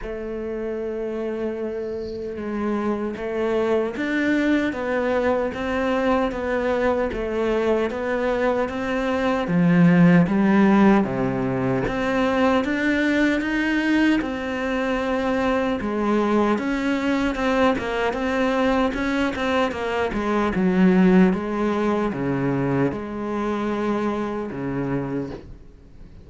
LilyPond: \new Staff \with { instrumentName = "cello" } { \time 4/4 \tempo 4 = 76 a2. gis4 | a4 d'4 b4 c'4 | b4 a4 b4 c'4 | f4 g4 c4 c'4 |
d'4 dis'4 c'2 | gis4 cis'4 c'8 ais8 c'4 | cis'8 c'8 ais8 gis8 fis4 gis4 | cis4 gis2 cis4 | }